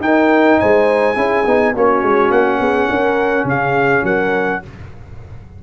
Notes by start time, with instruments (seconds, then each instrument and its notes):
0.00 tuba D#4, trombone D#4, horn A#4, trumpet G5
0.60 tuba G#3, horn C5, trumpet G#5
1.15 tuba C#4, trombone E4, horn G#4
1.46 tuba B3, trombone D#4
1.74 tuba A#3, trombone C#4, horn F#4, trumpet C#5
2.02 tuba G#3
2.30 tuba A#3, trumpet F#5
2.59 tuba B3, horn G#4
2.88 tuba C#4, horn A#4
3.44 tuba C#3, horn G#4, trumpet F5
4.03 tuba F#3, horn A#4, trumpet F#5